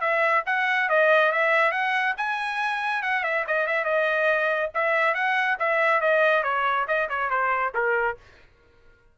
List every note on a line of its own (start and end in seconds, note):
0.00 0.43 E5
0.46 0.89 F#5
0.89 1.32 D#5
1.32 1.71 E5
1.71 2.14 F#5
2.17 3.02 G#5
3.02 3.23 F#5
3.23 3.45 E5
3.47 3.67 D#5
3.67 3.84 E5
3.84 4.70 D#5
4.74 5.14 E5
5.14 5.57 F#5
5.59 6.01 E5
6.01 6.43 D#5
6.43 6.86 C#5
6.87 7.09 D#5
7.09 7.30 C#5
7.30 7.73 C5
7.74 8.17 A#4